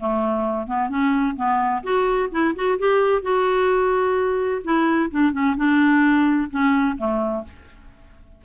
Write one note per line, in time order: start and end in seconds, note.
0.00 0.67 A3
0.67 0.90 B3
0.90 1.36 C#4
1.36 1.83 B3
1.84 2.30 F#4
2.32 2.55 E4
2.56 2.79 F#4
2.79 3.23 G4
3.23 4.62 F#4
4.64 5.11 E4
5.11 5.33 D4
5.33 5.56 C#4
5.57 6.50 D4
6.51 6.97 C#4
6.98 7.44 A3